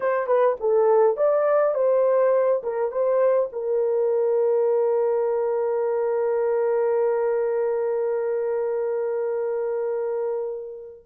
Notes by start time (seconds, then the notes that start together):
0.00 C5
0.26 B4
0.60 A4
1.17 D5
1.74 C5
2.63 A#4
2.91 C5
3.52 A#4